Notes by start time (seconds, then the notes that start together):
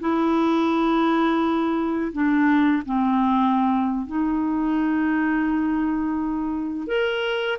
0.00 E4
2.12 D4
2.86 C4
4.07 D#4
6.87 A#4